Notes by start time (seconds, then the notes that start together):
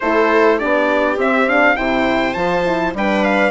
0.00 A3 E4 A4 C5
0.58 B3 D4 G4 D5
1.17 C4 E5
1.47 D4 F5
1.75 C3 E4 C5 G5
2.33 F3 F4 A5
2.65 E4
2.94 G3 D4 B4 G5
3.24 F5